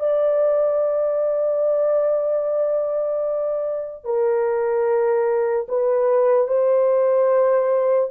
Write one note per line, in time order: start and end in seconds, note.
0.00 4.05 D5
4.05 5.67 A#4
5.69 6.48 B4
6.48 8.10 C5